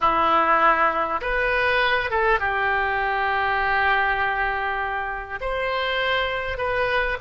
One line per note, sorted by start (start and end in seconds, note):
0.00 1.20 E4
1.21 2.10 B4
2.10 2.39 A4
2.39 5.39 G4
5.40 6.57 C5
6.57 7.17 B4